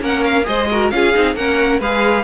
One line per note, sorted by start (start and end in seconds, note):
0.00 0.45 A#3
0.00 0.44 C#4
0.00 0.47 A#4
0.00 0.24 F#5
0.24 0.46 F5
0.44 0.92 G#3
0.44 0.66 G#4
0.44 0.69 C5
0.44 0.90 D#5
0.71 0.93 F#4
0.71 0.93 A#4
0.90 1.14 C#4
0.90 1.14 F4
0.90 1.36 G#4
0.90 1.35 F5
1.14 1.35 C4
1.14 1.36 D#4
1.35 1.80 A#3
1.35 1.81 C#4
1.35 1.80 A#4
1.35 1.81 F#5
1.80 2.24 G#3
1.80 2.24 G#4
1.80 2.24 B4
1.80 2.24 F5